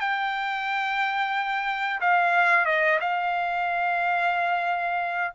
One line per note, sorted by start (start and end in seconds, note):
0.00 2.00 G5
2.00 2.65 F5
2.65 2.99 D#5
3.00 5.34 F5